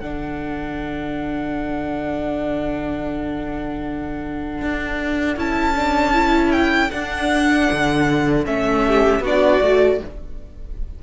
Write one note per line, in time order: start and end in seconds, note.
0.00 4.62 D3
0.00 5.37 D4
0.00 8.86 A4
0.00 5.38 F#5
4.62 5.37 D4
5.37 6.91 C#4
5.37 5.75 E4
5.37 6.52 A5
5.76 6.13 D4
6.13 6.90 E4
6.52 6.91 G5
6.91 8.45 D4
6.91 7.69 D4
6.91 8.45 F#5
7.72 8.47 D3
8.45 9.20 A3
8.45 9.22 C#4
8.45 9.24 E5
8.88 9.22 G4
9.20 9.59 B3
9.20 9.62 D4
9.20 9.99 F#4
9.20 10.03 D5
9.62 10.01 A3
9.62 10.00 F#4